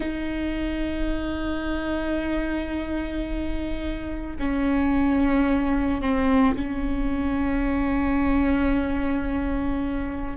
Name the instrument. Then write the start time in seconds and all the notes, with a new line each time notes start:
viola
0.00 D#4
4.39 C#4
6.00 C4
6.56 C#4